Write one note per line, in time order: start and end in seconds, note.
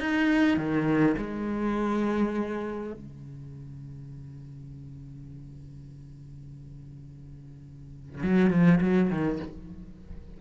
0.00 0.57 D#4
0.57 1.16 D#3
1.18 2.94 G#3
2.94 8.23 C#3
8.24 8.51 F#3
8.51 8.80 F3
8.81 9.10 F#3
9.10 9.40 D#3